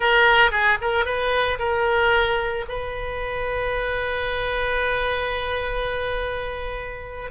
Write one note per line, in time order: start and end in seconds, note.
0.00 0.51 A#4
0.51 0.77 G#4
0.81 1.05 A#4
1.05 1.58 B4
1.58 2.65 A#4
2.68 7.30 B4